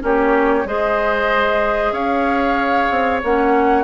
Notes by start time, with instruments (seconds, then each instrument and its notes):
0.00 bassoon A#3, clarinet C#4, oboe G4, flute C#5
0.65 bassoon G#3, clarinet G#4, oboe C5, flute D#5
1.92 bassoon C#4, oboe C#5, flute F5
2.91 bassoon C4
3.24 bassoon A#3, clarinet C#4, flute F#5